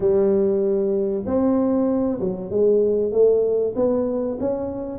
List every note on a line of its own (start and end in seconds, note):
0.00 1.24 G3
1.26 2.19 C4
2.19 2.50 F#3
2.50 3.12 G#3
3.12 3.74 A3
3.75 4.38 B3
4.40 4.98 C#4